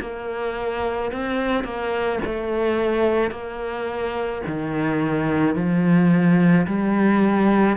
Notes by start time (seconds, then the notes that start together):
0.00 A#3
1.11 C4
1.64 A#3
2.25 A3
3.31 A#3
4.47 D#3
5.55 F3
6.67 G3